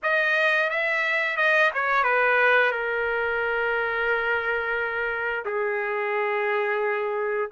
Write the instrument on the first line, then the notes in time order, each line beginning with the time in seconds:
trumpet
0.02 D#5
0.69 E5
1.36 D#5
1.74 C#5
2.03 B4
2.71 A#4
5.45 G#4